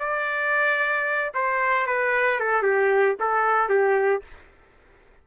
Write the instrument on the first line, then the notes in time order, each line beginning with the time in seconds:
trumpet
0.00 D5
1.35 C5
1.87 B4
2.41 A4
2.63 G4
3.21 A4
3.70 G4